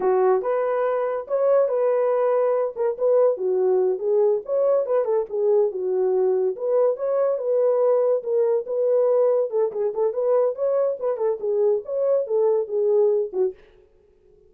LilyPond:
\new Staff \with { instrumentName = "horn" } { \time 4/4 \tempo 4 = 142 fis'4 b'2 cis''4 | b'2~ b'8 ais'8 b'4 | fis'4. gis'4 cis''4 b'8 | a'8 gis'4 fis'2 b'8~ |
b'8 cis''4 b'2 ais'8~ | ais'8 b'2 a'8 gis'8 a'8 | b'4 cis''4 b'8 a'8 gis'4 | cis''4 a'4 gis'4. fis'8 | }